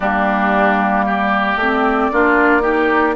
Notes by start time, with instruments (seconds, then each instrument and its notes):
0.00 bassoon G3, clarinet A#3, oboe D4, flute G4
1.05 oboe G4, flute D5
1.55 bassoon A3, clarinet C4
2.12 bassoon A#3, clarinet D4, oboe F4
2.61 clarinet D#4, oboe G4